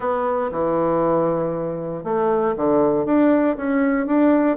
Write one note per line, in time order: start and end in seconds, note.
0.00 0.50 B3
0.51 2.04 E3
2.04 2.54 A3
2.56 3.05 D3
3.05 3.56 D4
3.56 4.06 C#4
4.06 4.57 D4